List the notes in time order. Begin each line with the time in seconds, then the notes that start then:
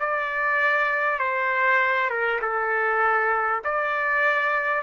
0.00 D5
1.19 C5
2.10 A#4
2.42 A4
3.64 D5